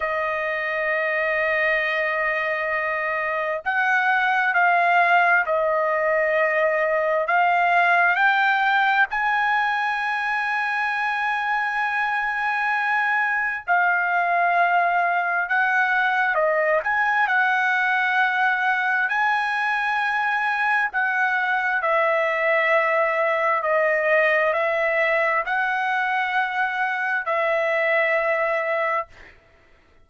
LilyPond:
\new Staff \with { instrumentName = "trumpet" } { \time 4/4 \tempo 4 = 66 dis''1 | fis''4 f''4 dis''2 | f''4 g''4 gis''2~ | gis''2. f''4~ |
f''4 fis''4 dis''8 gis''8 fis''4~ | fis''4 gis''2 fis''4 | e''2 dis''4 e''4 | fis''2 e''2 | }